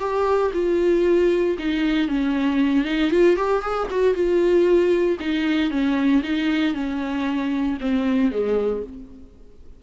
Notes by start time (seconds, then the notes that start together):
0.00 G4
0.54 F4
1.59 D#4
2.09 C#4
2.85 D#4
3.11 F4
3.36 G4
3.62 G#4
3.91 F#4
4.14 F4
5.20 D#4
5.71 C#4
6.23 D#4
6.75 C#4
7.81 C4
8.32 G#3